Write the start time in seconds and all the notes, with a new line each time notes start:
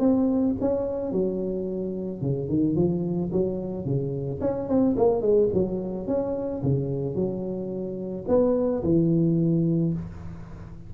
0.00 C4
0.61 C#4
1.12 F#3
2.21 C#3
2.49 D#3
2.76 F3
3.32 F#3
3.85 C#3
4.41 C#4
4.68 C4
4.97 A#3
5.22 G#3
5.54 F#3
6.07 C#4
6.63 C#3
7.15 F#3
8.28 B3
8.83 E3